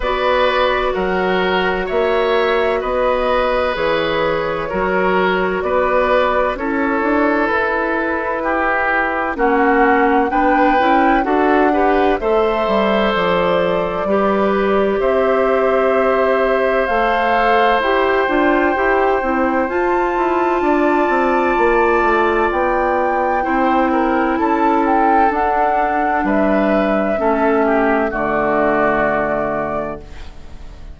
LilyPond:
<<
  \new Staff \with { instrumentName = "flute" } { \time 4/4 \tempo 4 = 64 d''4 fis''4 e''4 dis''4 | cis''2 d''4 cis''4 | b'2 fis''4 g''4 | fis''4 e''4 d''2 |
e''2 f''4 g''4~ | g''4 a''2. | g''2 a''8 g''8 fis''4 | e''2 d''2 | }
  \new Staff \with { instrumentName = "oboe" } { \time 4/4 b'4 ais'4 cis''4 b'4~ | b'4 ais'4 b'4 a'4~ | a'4 g'4 fis'4 b'4 | a'8 b'8 c''2 b'4 |
c''1~ | c''2 d''2~ | d''4 c''8 ais'8 a'2 | b'4 a'8 g'8 fis'2 | }
  \new Staff \with { instrumentName = "clarinet" } { \time 4/4 fis'1 | gis'4 fis'2 e'4~ | e'2 cis'4 d'8 e'8 | fis'8 g'8 a'2 g'4~ |
g'2 a'4 g'8 f'8 | g'8 e'8 f'2.~ | f'4 e'2 d'4~ | d'4 cis'4 a2 | }
  \new Staff \with { instrumentName = "bassoon" } { \time 4/4 b4 fis4 ais4 b4 | e4 fis4 b4 cis'8 d'8 | e'2 ais4 b8 cis'8 | d'4 a8 g8 f4 g4 |
c'2 a4 e'8 d'8 | e'8 c'8 f'8 e'8 d'8 c'8 ais8 a8 | b4 c'4 cis'4 d'4 | g4 a4 d2 | }
>>